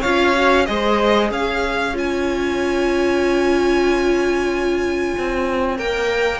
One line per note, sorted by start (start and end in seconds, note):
0.00 0.68 C#4
0.00 0.35 F4
0.00 0.64 C#5
0.00 0.65 F5
0.35 0.66 F#4
0.65 1.30 G#3
0.65 1.93 G#4
0.65 1.32 C5
0.65 1.29 D#5
1.30 5.13 C#4
1.30 6.39 C#5
1.30 1.96 F5
1.93 5.76 F4
1.93 5.78 G#5
5.18 5.78 C4
5.77 6.39 A#3
5.77 6.39 A#4
5.77 6.39 G5